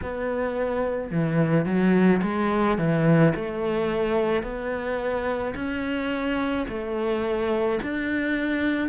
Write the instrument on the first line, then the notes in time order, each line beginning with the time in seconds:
cello
0.02 B3
1.11 E3
1.65 F#3
2.22 G#3
2.78 E3
3.35 A3
4.42 B3
5.55 C#4
6.68 A3
7.82 D4